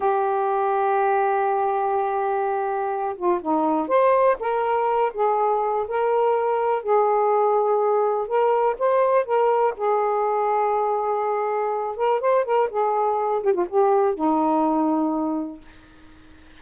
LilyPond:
\new Staff \with { instrumentName = "saxophone" } { \time 4/4 \tempo 4 = 123 g'1~ | g'2~ g'8 f'8 dis'4 | c''4 ais'4. gis'4. | ais'2 gis'2~ |
gis'4 ais'4 c''4 ais'4 | gis'1~ | gis'8 ais'8 c''8 ais'8 gis'4. g'16 f'16 | g'4 dis'2. | }